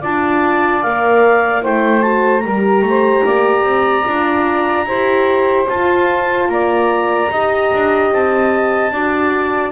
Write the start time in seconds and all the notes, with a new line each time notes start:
0.00 D4 F4 D5 A5
0.82 A#3 A#4 F5
1.61 A3 E4 C5 G5
2.01 F#4 A5
2.39 G3 G4 A#4 A#5
2.82 A3
2.89 C5
3.24 A#3 D5
3.63 C4
4.05 D4 F4
4.85 E4 G4 C5
5.69 F4 A5
6.48 A#3 D5 A#5
7.30 D#4 G4 D#5
7.73 D4
8.11 C4 A5
8.91 D4 F#4 D5